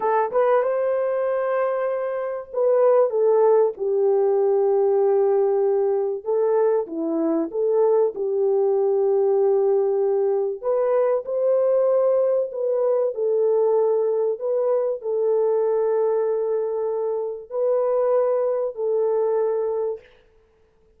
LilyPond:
\new Staff \with { instrumentName = "horn" } { \time 4/4 \tempo 4 = 96 a'8 b'8 c''2. | b'4 a'4 g'2~ | g'2 a'4 e'4 | a'4 g'2.~ |
g'4 b'4 c''2 | b'4 a'2 b'4 | a'1 | b'2 a'2 | }